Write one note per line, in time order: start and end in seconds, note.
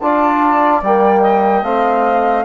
0.00 0.82 D4
0.00 0.84 F4
0.00 1.22 D5
0.00 0.82 A5
0.82 1.63 G3
0.82 1.64 A#3
0.82 1.64 G5
1.22 2.45 D#5
1.63 2.45 A3
1.63 2.45 C4
1.63 2.45 F5